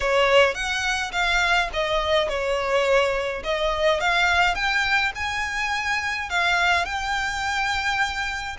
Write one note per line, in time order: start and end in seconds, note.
0.00 0.54 C#5
0.54 1.11 F#5
1.12 1.69 F5
1.73 2.28 D#5
2.28 3.43 C#5
3.43 4.00 D#5
4.00 4.54 F5
4.54 5.11 G5
5.15 6.29 G#5
6.29 6.85 F5
6.85 8.56 G5